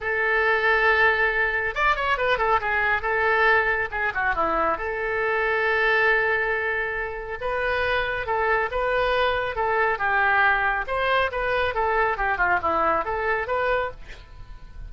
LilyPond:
\new Staff \with { instrumentName = "oboe" } { \time 4/4 \tempo 4 = 138 a'1 | d''8 cis''8 b'8 a'8 gis'4 a'4~ | a'4 gis'8 fis'8 e'4 a'4~ | a'1~ |
a'4 b'2 a'4 | b'2 a'4 g'4~ | g'4 c''4 b'4 a'4 | g'8 f'8 e'4 a'4 b'4 | }